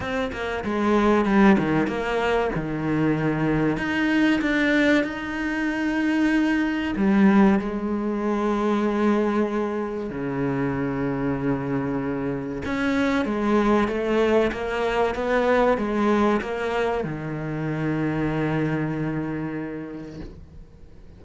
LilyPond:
\new Staff \with { instrumentName = "cello" } { \time 4/4 \tempo 4 = 95 c'8 ais8 gis4 g8 dis8 ais4 | dis2 dis'4 d'4 | dis'2. g4 | gis1 |
cis1 | cis'4 gis4 a4 ais4 | b4 gis4 ais4 dis4~ | dis1 | }